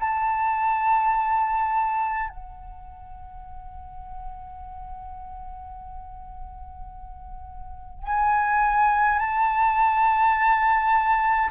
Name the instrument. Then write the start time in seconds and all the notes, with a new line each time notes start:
flute
0.00 A5
2.29 F#5
8.03 G#5
9.18 A5